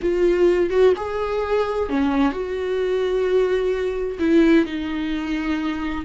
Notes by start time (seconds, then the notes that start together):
0.01 F4
0.70 F#4
0.96 G#4
1.89 C#4
2.32 F#4
4.19 E4
4.65 D#4